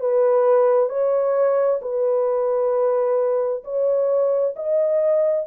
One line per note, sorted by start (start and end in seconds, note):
0.00 0.89 B4
0.89 1.80 C#5
1.81 3.63 B4
3.64 4.55 C#5
4.56 5.47 D#5